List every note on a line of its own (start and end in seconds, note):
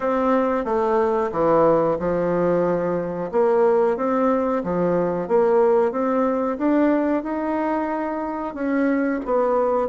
0.00 0.64 C4
0.64 1.30 A3
1.32 1.98 E3
1.99 3.31 F3
3.31 3.97 A#3
3.97 4.62 C4
4.63 5.28 F3
5.28 5.91 A#3
5.91 6.57 C4
6.58 7.23 D4
7.23 8.54 D#4
8.54 9.20 C#4
9.25 9.88 B3